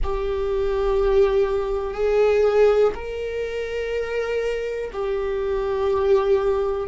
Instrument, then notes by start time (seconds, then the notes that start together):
viola
0.03 G4
1.94 G#4
2.94 A#4
4.92 G4